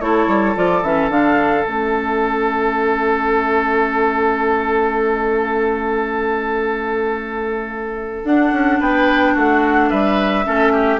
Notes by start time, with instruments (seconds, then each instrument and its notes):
0.00 bassoon A3, clarinet E4, oboe A4, flute C#5
0.27 bassoon G3
0.55 bassoon F3, clarinet F4, flute D5
0.82 bassoon E3, clarinet C#4, flute E5
1.09 bassoon D3, clarinet D4, flute F5
1.64 bassoon A3, clarinet C#4, flute E5
8.24 bassoon D4, clarinet D4, flute F#5
8.52 bassoon C#4
8.79 bassoon B3, oboe B4, flute G5
9.34 bassoon A3, oboe F#4, flute F#5
9.90 bassoon G3, oboe B4, flute E5
10.44 bassoon A3, clarinet C#4, oboe A4
10.73 oboe G4